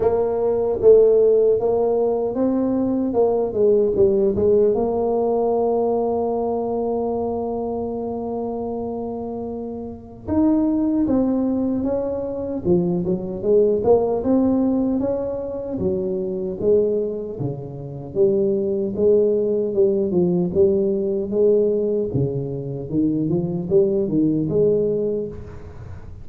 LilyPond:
\new Staff \with { instrumentName = "tuba" } { \time 4/4 \tempo 4 = 76 ais4 a4 ais4 c'4 | ais8 gis8 g8 gis8 ais2~ | ais1~ | ais4 dis'4 c'4 cis'4 |
f8 fis8 gis8 ais8 c'4 cis'4 | fis4 gis4 cis4 g4 | gis4 g8 f8 g4 gis4 | cis4 dis8 f8 g8 dis8 gis4 | }